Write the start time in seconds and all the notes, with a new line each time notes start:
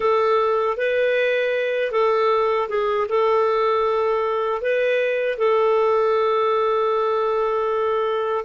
0.00 A4
0.77 B4
1.91 A4
2.69 G#4
3.08 A4
4.62 B4
5.38 A4